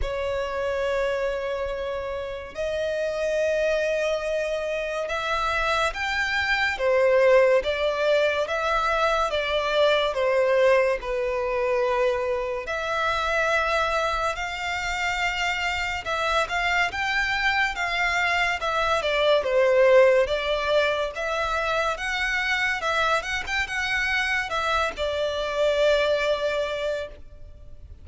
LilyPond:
\new Staff \with { instrumentName = "violin" } { \time 4/4 \tempo 4 = 71 cis''2. dis''4~ | dis''2 e''4 g''4 | c''4 d''4 e''4 d''4 | c''4 b'2 e''4~ |
e''4 f''2 e''8 f''8 | g''4 f''4 e''8 d''8 c''4 | d''4 e''4 fis''4 e''8 fis''16 g''16 | fis''4 e''8 d''2~ d''8 | }